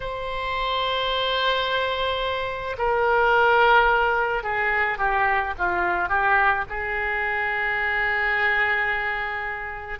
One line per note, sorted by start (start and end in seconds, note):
0.00 2.76 C5
2.78 4.43 A#4
4.43 4.97 G#4
4.97 5.53 G4
5.58 6.08 F4
6.08 6.64 G4
6.69 9.99 G#4